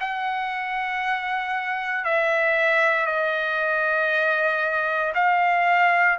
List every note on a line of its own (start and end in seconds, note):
0.00 2.05 F#5
2.05 3.06 E5
3.06 5.13 D#5
5.14 6.18 F5